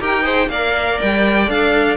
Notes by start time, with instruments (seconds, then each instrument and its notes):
0.00 cello D#4, viola G4, violin A#4 G5
0.22 viola G#4, violin C5
0.48 cello A#3, viola A#4, violin D5 F5
1.01 cello G3, violin G5
1.47 cello D4, viola A4, violin F5